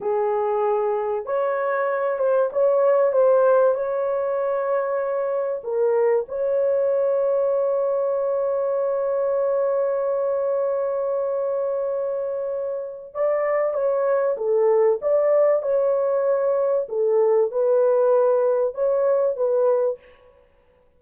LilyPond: \new Staff \with { instrumentName = "horn" } { \time 4/4 \tempo 4 = 96 gis'2 cis''4. c''8 | cis''4 c''4 cis''2~ | cis''4 ais'4 cis''2~ | cis''1~ |
cis''1~ | cis''4 d''4 cis''4 a'4 | d''4 cis''2 a'4 | b'2 cis''4 b'4 | }